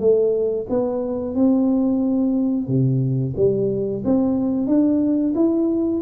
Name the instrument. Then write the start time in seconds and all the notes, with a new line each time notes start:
tuba
0.00 A3
0.70 B3
1.35 C4
2.68 C3
3.37 G3
4.05 C4
4.67 D4
5.35 E4